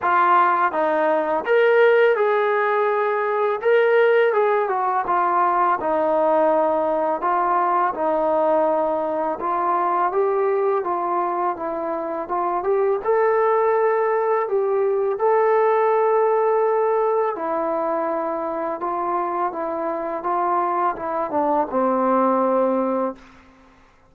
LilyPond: \new Staff \with { instrumentName = "trombone" } { \time 4/4 \tempo 4 = 83 f'4 dis'4 ais'4 gis'4~ | gis'4 ais'4 gis'8 fis'8 f'4 | dis'2 f'4 dis'4~ | dis'4 f'4 g'4 f'4 |
e'4 f'8 g'8 a'2 | g'4 a'2. | e'2 f'4 e'4 | f'4 e'8 d'8 c'2 | }